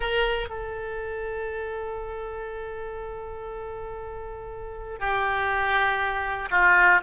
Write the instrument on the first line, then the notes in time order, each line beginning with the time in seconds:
oboe
0.00 A#4
0.49 A4
4.99 G4
6.50 F4